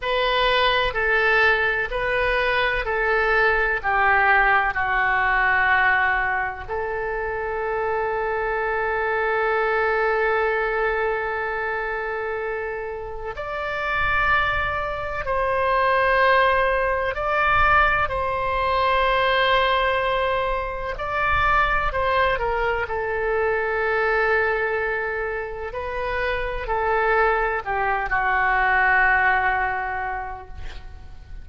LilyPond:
\new Staff \with { instrumentName = "oboe" } { \time 4/4 \tempo 4 = 63 b'4 a'4 b'4 a'4 | g'4 fis'2 a'4~ | a'1~ | a'2 d''2 |
c''2 d''4 c''4~ | c''2 d''4 c''8 ais'8 | a'2. b'4 | a'4 g'8 fis'2~ fis'8 | }